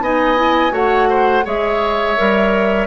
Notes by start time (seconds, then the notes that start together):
0.00 B3 D#4 D#5 G#5
0.36 E4
0.70 A3 F#4 C#5 F#5
1.09 C5
1.44 G#3 G#4 C#5 E5
2.17 G3 A#4